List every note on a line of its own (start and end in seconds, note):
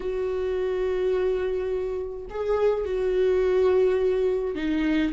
0.00 2.25 F#4
2.29 2.85 G#4
2.85 4.55 F#4
4.55 5.12 D#4